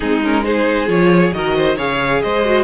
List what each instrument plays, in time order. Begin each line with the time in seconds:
0.00 cello G#3, viola C4, violin D#4 G#4
0.23 viola C#4, violin A#4
0.43 viola D#4, violin G#4 C5
0.86 cello F3, viola F4, violin C#5
1.32 cello D#3, viola F#4, violin A#4 D#5
1.56 violin C5
1.76 cello C#3, viola G#4, violin C#5 F5
2.22 cello G#3, violin C5 D#5
2.44 viola F#4